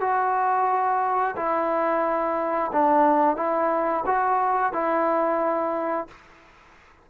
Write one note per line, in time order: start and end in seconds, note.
0.00 1.35 F#4
1.36 2.71 E4
2.72 3.36 D4
3.36 4.04 E4
4.05 4.73 F#4
4.73 6.07 E4